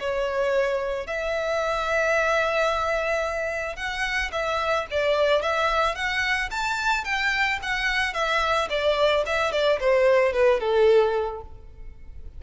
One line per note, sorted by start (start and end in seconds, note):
0.00 1.07 C#5
1.07 3.77 E5
3.77 4.31 F#5
4.32 4.87 E5
4.91 5.42 D5
5.42 5.96 E5
5.96 6.50 F#5
6.51 7.05 A5
7.05 7.59 G5
7.63 8.14 F#5
8.14 8.69 E5
8.70 9.24 D5
9.26 9.52 E5
9.52 9.80 D5
9.80 10.33 C5
10.33 10.60 B4
10.60 11.42 A4